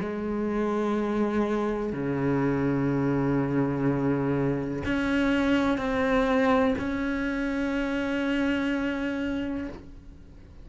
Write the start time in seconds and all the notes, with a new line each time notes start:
0.00 G#3
1.93 C#3
4.85 C#4
5.78 C4
6.78 C#4